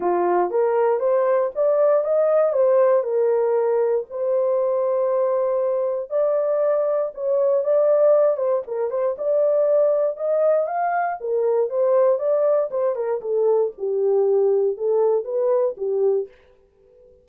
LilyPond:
\new Staff \with { instrumentName = "horn" } { \time 4/4 \tempo 4 = 118 f'4 ais'4 c''4 d''4 | dis''4 c''4 ais'2 | c''1 | d''2 cis''4 d''4~ |
d''8 c''8 ais'8 c''8 d''2 | dis''4 f''4 ais'4 c''4 | d''4 c''8 ais'8 a'4 g'4~ | g'4 a'4 b'4 g'4 | }